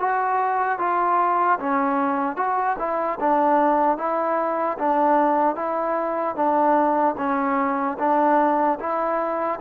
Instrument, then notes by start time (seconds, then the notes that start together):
trombone
0.00 F#4
0.79 F4
1.60 C#4
2.37 F#4
2.79 E4
3.20 D4
3.98 E4
4.79 D4
5.56 E4
6.36 D4
7.18 C#4
7.99 D4
8.80 E4